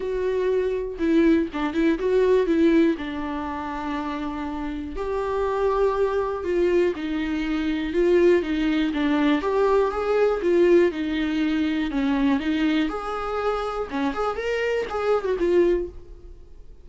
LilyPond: \new Staff \with { instrumentName = "viola" } { \time 4/4 \tempo 4 = 121 fis'2 e'4 d'8 e'8 | fis'4 e'4 d'2~ | d'2 g'2~ | g'4 f'4 dis'2 |
f'4 dis'4 d'4 g'4 | gis'4 f'4 dis'2 | cis'4 dis'4 gis'2 | cis'8 gis'8 ais'4 gis'8. fis'16 f'4 | }